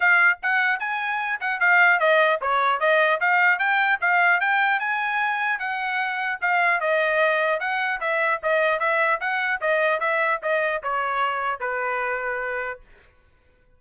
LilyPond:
\new Staff \with { instrumentName = "trumpet" } { \time 4/4 \tempo 4 = 150 f''4 fis''4 gis''4. fis''8 | f''4 dis''4 cis''4 dis''4 | f''4 g''4 f''4 g''4 | gis''2 fis''2 |
f''4 dis''2 fis''4 | e''4 dis''4 e''4 fis''4 | dis''4 e''4 dis''4 cis''4~ | cis''4 b'2. | }